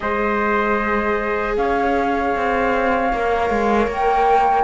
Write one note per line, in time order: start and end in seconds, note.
0.00 1.57 G#3
0.00 3.10 G#4
0.00 1.58 C5
0.00 1.56 D#5
1.56 2.35 C#4
1.56 4.64 C#5
1.56 3.90 F5
2.35 3.12 C4
3.12 3.50 A#3
3.12 4.64 A#4
3.50 3.87 G#3
3.87 4.64 A#3
3.87 4.64 G5